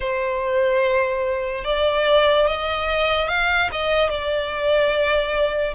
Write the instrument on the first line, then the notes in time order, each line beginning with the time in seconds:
violin
0.00 C5
1.64 D5
2.47 D#5
3.28 F5
3.72 D#5
4.09 D5